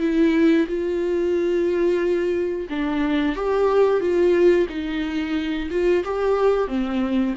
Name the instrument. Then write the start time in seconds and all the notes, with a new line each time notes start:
viola
0.00 E4
0.68 F4
2.70 D4
3.36 G4
4.00 F4
4.69 D#4
5.70 F4
6.05 G4
6.68 C4